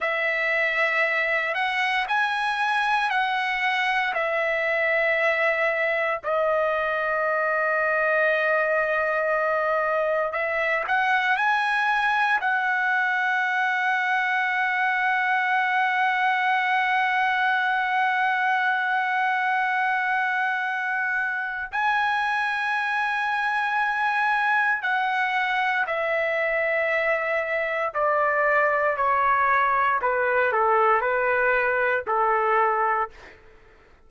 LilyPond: \new Staff \with { instrumentName = "trumpet" } { \time 4/4 \tempo 4 = 58 e''4. fis''8 gis''4 fis''4 | e''2 dis''2~ | dis''2 e''8 fis''8 gis''4 | fis''1~ |
fis''1~ | fis''4 gis''2. | fis''4 e''2 d''4 | cis''4 b'8 a'8 b'4 a'4 | }